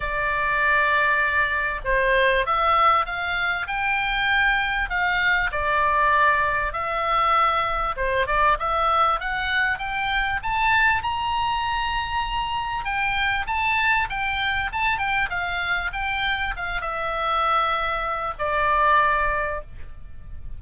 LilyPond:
\new Staff \with { instrumentName = "oboe" } { \time 4/4 \tempo 4 = 98 d''2. c''4 | e''4 f''4 g''2 | f''4 d''2 e''4~ | e''4 c''8 d''8 e''4 fis''4 |
g''4 a''4 ais''2~ | ais''4 g''4 a''4 g''4 | a''8 g''8 f''4 g''4 f''8 e''8~ | e''2 d''2 | }